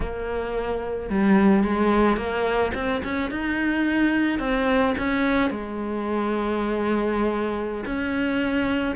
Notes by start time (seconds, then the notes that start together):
0.00 A#3
1.09 G3
1.63 G#3
2.16 A#3
2.74 C4
3.04 C#4
3.31 D#4
4.39 C4
4.98 C#4
5.50 G#3
7.85 C#4